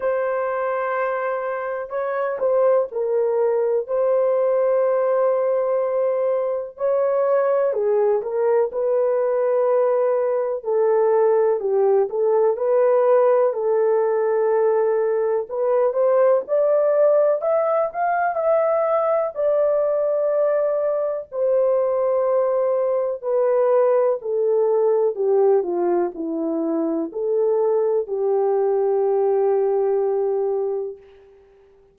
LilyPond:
\new Staff \with { instrumentName = "horn" } { \time 4/4 \tempo 4 = 62 c''2 cis''8 c''8 ais'4 | c''2. cis''4 | gis'8 ais'8 b'2 a'4 | g'8 a'8 b'4 a'2 |
b'8 c''8 d''4 e''8 f''8 e''4 | d''2 c''2 | b'4 a'4 g'8 f'8 e'4 | a'4 g'2. | }